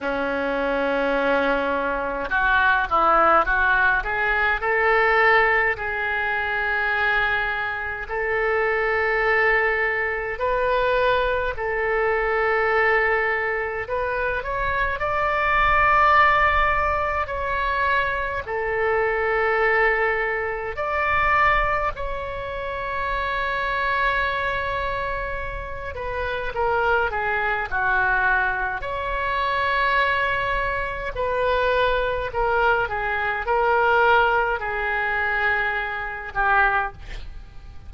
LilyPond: \new Staff \with { instrumentName = "oboe" } { \time 4/4 \tempo 4 = 52 cis'2 fis'8 e'8 fis'8 gis'8 | a'4 gis'2 a'4~ | a'4 b'4 a'2 | b'8 cis''8 d''2 cis''4 |
a'2 d''4 cis''4~ | cis''2~ cis''8 b'8 ais'8 gis'8 | fis'4 cis''2 b'4 | ais'8 gis'8 ais'4 gis'4. g'8 | }